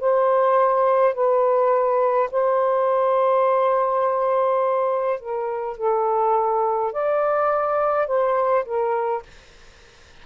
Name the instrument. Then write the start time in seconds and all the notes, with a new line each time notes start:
saxophone
0.00 C5
1.14 B4
2.31 C5
5.20 A#4
5.77 A4
6.92 D5
8.07 C5
8.65 A#4